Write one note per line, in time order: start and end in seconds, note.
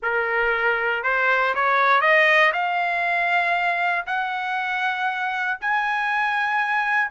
0.02 1.03 A#4
1.03 1.54 C5
1.55 2.01 C#5
2.01 2.51 D#5
2.53 4.05 F5
4.06 5.58 F#5
5.60 7.10 G#5